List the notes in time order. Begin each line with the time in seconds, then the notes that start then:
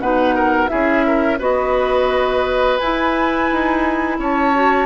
0.00 B2 D#4 B4 F#5
0.36 A#4
0.68 C#4 E4 G#4 E5
1.07 A#4
1.39 B3 F#4 B4 D#5
2.78 E4 G#5
3.52 D#4
4.19 C#4 C#5 A5
4.55 F#4